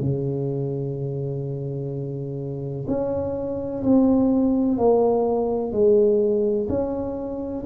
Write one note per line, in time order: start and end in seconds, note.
0.00 2.86 C#3
2.88 3.83 C#4
3.84 4.77 C4
4.77 5.72 A#3
5.72 6.67 G#3
6.69 7.64 C#4